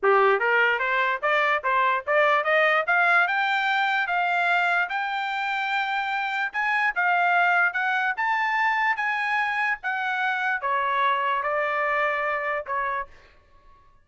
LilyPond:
\new Staff \with { instrumentName = "trumpet" } { \time 4/4 \tempo 4 = 147 g'4 ais'4 c''4 d''4 | c''4 d''4 dis''4 f''4 | g''2 f''2 | g''1 |
gis''4 f''2 fis''4 | a''2 gis''2 | fis''2 cis''2 | d''2. cis''4 | }